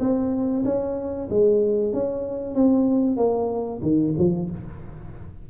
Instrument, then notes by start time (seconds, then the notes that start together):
tuba
0.00 C4
0.65 C#4
1.30 G#3
1.94 C#4
2.55 C4
3.17 A#3
3.82 D#3
4.18 F3